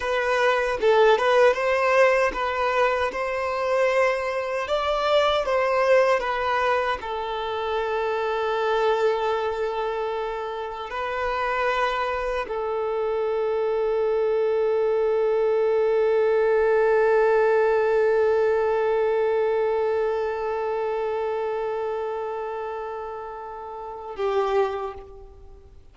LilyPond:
\new Staff \with { instrumentName = "violin" } { \time 4/4 \tempo 4 = 77 b'4 a'8 b'8 c''4 b'4 | c''2 d''4 c''4 | b'4 a'2.~ | a'2 b'2 |
a'1~ | a'1~ | a'1~ | a'2. g'4 | }